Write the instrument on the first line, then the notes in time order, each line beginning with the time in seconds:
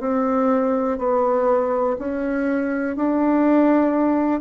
bassoon
0.00 C4
0.98 B3
1.99 C#4
2.96 D4